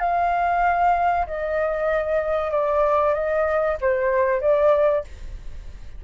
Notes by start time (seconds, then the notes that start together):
0.00 F5
1.27 D#5
2.51 D5
3.14 D#5
3.81 C5
4.41 D5